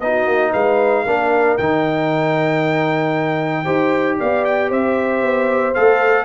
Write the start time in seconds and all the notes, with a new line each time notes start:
0.00 B3 D#4 F#4 D#5
0.26 A#3
0.51 G#3 B4 F5
1.04 A#3 D4 A#4
1.57 D#3 D#4 G5
3.64 D#4 G4 C5
4.18 B3 D5 F5
4.45 G5
4.69 C4 C5 E5
5.22 B3
5.74 A3 A4 F5